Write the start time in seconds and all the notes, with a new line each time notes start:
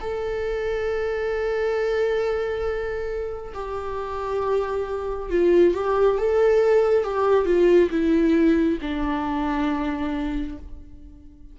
0.00 A4
3.54 G4
5.29 F4
5.74 G4
6.18 A4
7.04 G4
7.45 F4
7.90 E4
8.81 D4